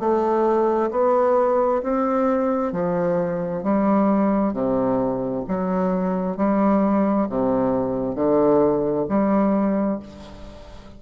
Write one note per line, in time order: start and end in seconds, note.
0.00 0.91 A3
0.91 1.82 B3
1.83 2.73 C4
2.73 3.64 F3
3.64 4.54 G3
4.54 5.45 C3
5.48 6.37 F#3
6.37 7.28 G3
7.30 8.16 C3
8.16 9.07 D3
9.09 10.00 G3